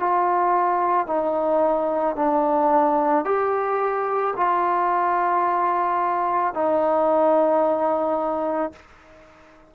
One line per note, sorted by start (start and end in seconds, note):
0.00 1.07 F4
1.07 2.16 D#4
2.16 3.25 D4
3.25 4.34 G4
4.37 6.55 F4
6.55 8.73 D#4